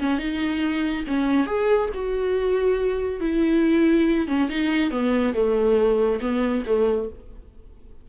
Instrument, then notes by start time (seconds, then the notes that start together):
viola
0.00 C#4
0.18 D#4
1.07 C#4
1.46 G#4
1.94 F#4
3.20 E4
4.27 C#4
4.49 D#4
4.91 B3
5.34 A3
6.21 B3
6.66 A3